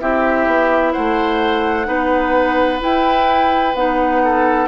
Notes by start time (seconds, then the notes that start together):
0.00 C4 E4 G4 E5
0.46 B3
0.93 A3 C5 F#5
1.85 B3 D#4 B4
2.80 E4 G5
3.74 B3 D#4 F#5
4.24 A4